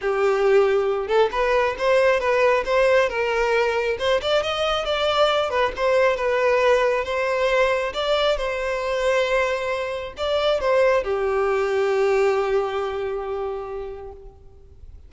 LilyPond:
\new Staff \with { instrumentName = "violin" } { \time 4/4 \tempo 4 = 136 g'2~ g'8 a'8 b'4 | c''4 b'4 c''4 ais'4~ | ais'4 c''8 d''8 dis''4 d''4~ | d''8 b'8 c''4 b'2 |
c''2 d''4 c''4~ | c''2. d''4 | c''4 g'2.~ | g'1 | }